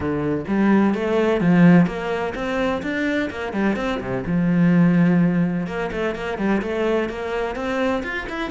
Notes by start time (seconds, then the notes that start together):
0.00 D3
0.47 G3
0.94 A3
1.40 F3
1.86 A#3
2.35 C4
2.82 D4
3.30 A#3
3.52 G3
3.76 C4
4.00 C3
4.26 F3
5.66 A#3
5.92 A3
6.15 A#3
6.38 G3
6.61 A3
7.09 A#3
7.55 C4
8.03 F4
8.29 E4